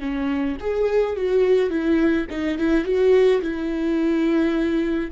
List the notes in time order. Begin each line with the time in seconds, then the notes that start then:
0.00 C#4
0.60 G#4
1.16 F#4
1.70 E4
2.30 D#4
2.58 E4
2.84 F#4
3.41 E4